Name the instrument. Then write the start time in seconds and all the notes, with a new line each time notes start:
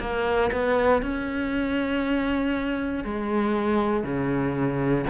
cello
0.00 A#3
0.52 B3
1.02 C#4
3.05 G#3
4.04 C#3